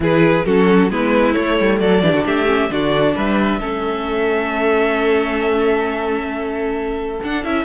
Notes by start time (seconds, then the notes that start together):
0.00 E3 E4 G#4 B4
0.45 F#3 C#4 F#4 A4
0.90 G#3 B3 E4 B4
1.33 A3 C#5
1.59 G3
1.79 F#3 A4 D5
2.02 E3 D4 G4
2.12 D3 F#4
2.25 A3 G4 E5
2.47 C#4
2.69 D3 D4 F#4 D5
3.15 G3 B4 E5
3.59 A3 C#4 A4
7.22 D4 F#5
7.43 C#4 E4 E5